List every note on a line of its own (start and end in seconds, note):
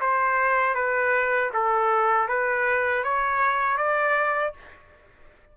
0.00 0.74 C5
0.74 1.50 B4
1.53 2.28 A4
2.28 3.03 B4
3.03 3.77 C#5
3.77 4.53 D5